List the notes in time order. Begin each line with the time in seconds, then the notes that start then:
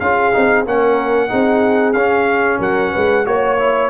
0.00 C#4 F4 G#4 F5
0.33 C4 D#4
0.66 A#3 C#4 A#4 F#5
1.29 C4 D#4 G#4
1.93 C#4 F5
2.59 F#3 A#4 F#5
2.92 G#3 B4
3.25 A#3 F#4 C#5
3.59 E4